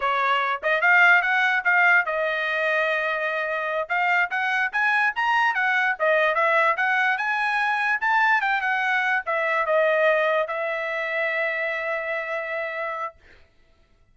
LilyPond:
\new Staff \with { instrumentName = "trumpet" } { \time 4/4 \tempo 4 = 146 cis''4. dis''8 f''4 fis''4 | f''4 dis''2.~ | dis''4. f''4 fis''4 gis''8~ | gis''8 ais''4 fis''4 dis''4 e''8~ |
e''8 fis''4 gis''2 a''8~ | a''8 g''8 fis''4. e''4 dis''8~ | dis''4. e''2~ e''8~ | e''1 | }